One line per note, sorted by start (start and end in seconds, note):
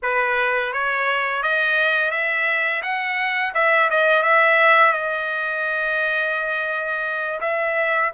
0.02 0.72 B4
0.72 1.42 C#5
1.42 2.11 D#5
2.11 2.81 E5
2.82 3.53 F#5
3.54 3.89 E5
3.90 4.22 D#5
4.22 4.93 E5
4.93 7.40 D#5
7.40 8.11 E5